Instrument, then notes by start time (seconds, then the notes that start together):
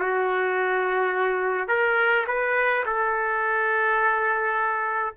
trumpet
0.00 F#4
1.68 A#4
2.27 B4
2.86 A4